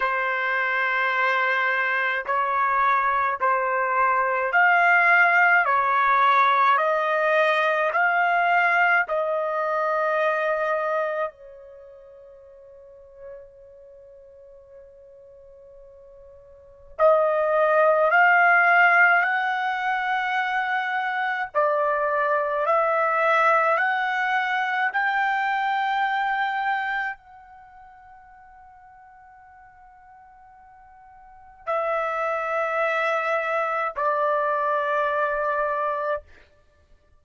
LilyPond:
\new Staff \with { instrumentName = "trumpet" } { \time 4/4 \tempo 4 = 53 c''2 cis''4 c''4 | f''4 cis''4 dis''4 f''4 | dis''2 cis''2~ | cis''2. dis''4 |
f''4 fis''2 d''4 | e''4 fis''4 g''2 | fis''1 | e''2 d''2 | }